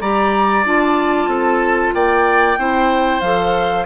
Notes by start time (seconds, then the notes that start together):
0.00 G3 G4 D5 A#5
0.64 D4 F4 A5
1.26 C4 A4
1.94 A#3 D5 G5
2.57 C4 E4 C5
3.20 F3 A4 F5